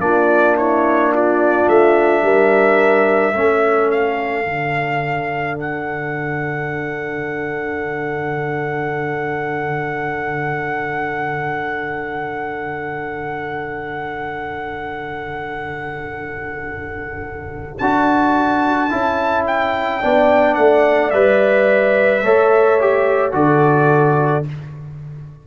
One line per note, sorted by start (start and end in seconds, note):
0.00 1.67 A#3
0.00 3.34 D4
0.00 0.57 F4
0.00 0.56 D5
0.57 1.12 E4
0.57 1.13 C#5
1.14 2.24 F4
1.14 1.69 D5
1.68 2.23 A3
1.68 3.91 E5
2.23 3.34 G3
2.23 3.35 A#4
3.34 4.45 A3
3.34 4.45 C#4
3.34 20.03 A4
3.91 5.58 F5
4.45 17.78 D3
4.45 17.78 D4
5.59 17.78 F#5
17.78 18.92 D4
17.78 18.90 F#4
17.78 19.45 A5
18.90 20.04 C#4
18.90 20.01 E4
19.47 20.55 G5
20.01 20.57 B3
20.01 21.12 D4
20.01 22.24 D5
20.55 21.13 A3
20.55 21.11 F#5
21.11 22.23 G3
21.11 22.25 B4
21.11 23.33 E5
22.23 23.34 A3
22.23 22.81 A4
22.23 23.35 C#5
22.81 23.32 G4
23.32 24.45 D3
23.32 24.43 F#4
23.32 24.47 A4
23.32 24.46 D5